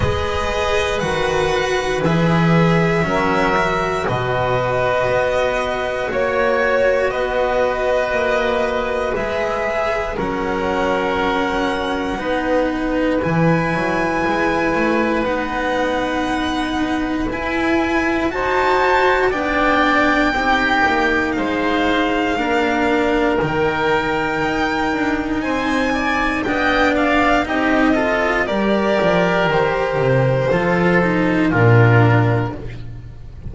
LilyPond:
<<
  \new Staff \with { instrumentName = "violin" } { \time 4/4 \tempo 4 = 59 dis''4 fis''4 e''2 | dis''2 cis''4 dis''4~ | dis''4 e''4 fis''2~ | fis''4 gis''2 fis''4~ |
fis''4 gis''4 a''4 g''4~ | g''4 f''2 g''4~ | g''4 gis''4 g''8 f''8 dis''4 | d''4 c''2 ais'4 | }
  \new Staff \with { instrumentName = "oboe" } { \time 4/4 b'2. ais'4 | b'2 cis''4 b'4~ | b'2 ais'2 | b'1~ |
b'2 c''4 d''4 | g'4 c''4 ais'2~ | ais'4 c''8 d''8 dis''8 d''8 g'8 a'8 | ais'2 a'4 f'4 | }
  \new Staff \with { instrumentName = "cello" } { \time 4/4 gis'4 fis'4 gis'4 cis'8 fis'8~ | fis'1~ | fis'4 gis'4 cis'2 | dis'4 e'2 dis'4~ |
dis'4 e'4 fis'4 d'4 | dis'2 d'4 dis'4~ | dis'2 d'4 dis'8 f'8 | g'2 f'8 dis'8 d'4 | }
  \new Staff \with { instrumentName = "double bass" } { \time 4/4 gis4 dis4 e4 fis4 | b,4 b4 ais4 b4 | ais4 gis4 fis2 | b4 e8 fis8 gis8 a8 b4~ |
b4 e'4 dis'4 b4 | c'8 ais8 gis4 ais4 dis4 | dis'8 d'8 c'4 b4 c'4 | g8 f8 dis8 c8 f4 ais,4 | }
>>